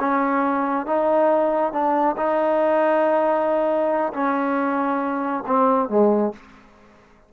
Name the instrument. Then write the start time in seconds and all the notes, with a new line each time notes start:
trombone
0.00 C#4
0.86 D#4
1.72 D4
2.17 D#4
4.13 C#4
5.47 C4
5.89 G#3